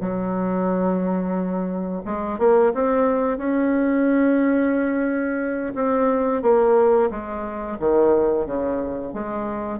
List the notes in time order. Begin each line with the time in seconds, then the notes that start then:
0.00 F#3
2.05 G#3
2.38 A#3
2.74 C4
3.38 C#4
5.75 C4
6.42 A#3
7.10 G#3
7.79 D#3
8.46 C#3
9.13 G#3